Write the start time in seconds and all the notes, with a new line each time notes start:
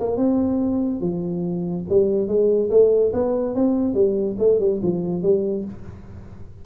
0.00 A#3
0.17 C4
1.01 F3
1.90 G3
2.28 G#3
2.70 A3
3.13 B3
3.55 C4
3.94 G3
4.39 A3
4.60 G3
4.83 F3
5.23 G3